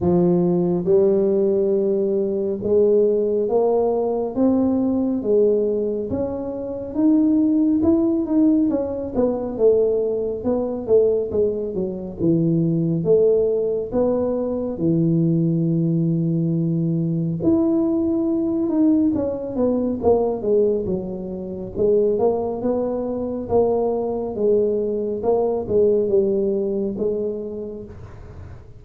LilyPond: \new Staff \with { instrumentName = "tuba" } { \time 4/4 \tempo 4 = 69 f4 g2 gis4 | ais4 c'4 gis4 cis'4 | dis'4 e'8 dis'8 cis'8 b8 a4 | b8 a8 gis8 fis8 e4 a4 |
b4 e2. | e'4. dis'8 cis'8 b8 ais8 gis8 | fis4 gis8 ais8 b4 ais4 | gis4 ais8 gis8 g4 gis4 | }